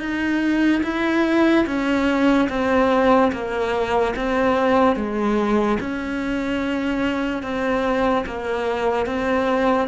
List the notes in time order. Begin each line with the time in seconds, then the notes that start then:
0.00 D#4
0.84 E4
1.67 C#4
2.50 C4
3.33 A#3
4.17 C4
4.97 G#3
5.80 C#4
7.43 C4
8.26 A#3
9.06 C4